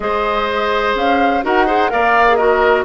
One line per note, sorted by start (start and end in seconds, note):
0.00 0.95 G#3
0.00 1.43 G#4
0.00 1.45 C5
0.00 0.95 D#5
0.95 1.43 C#4
0.95 1.44 F5
1.43 1.91 D#4
1.43 1.67 F#4
1.43 1.66 A#4
1.43 1.90 F#5
1.66 1.89 G#4
1.66 1.90 C5
1.89 2.85 A#3
1.89 2.25 A#4
1.89 2.37 D5
1.89 2.35 F5
2.28 2.38 G#4
2.35 2.85 F#4
2.35 2.84 A#4
2.35 2.83 D#5